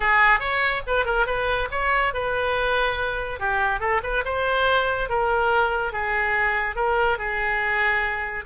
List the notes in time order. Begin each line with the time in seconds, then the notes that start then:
0.00 G#4
0.39 C#5
0.86 B4
1.05 A#4
1.26 B4
1.71 C#5
2.13 B4
3.39 G4
3.80 A4
4.03 B4
4.24 C5
5.09 A#4
5.92 G#4
6.75 A#4
7.18 G#4